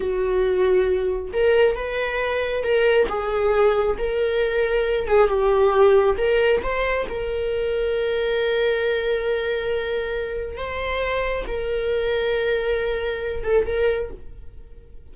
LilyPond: \new Staff \with { instrumentName = "viola" } { \time 4/4 \tempo 4 = 136 fis'2. ais'4 | b'2 ais'4 gis'4~ | gis'4 ais'2~ ais'8 gis'8 | g'2 ais'4 c''4 |
ais'1~ | ais'1 | c''2 ais'2~ | ais'2~ ais'8 a'8 ais'4 | }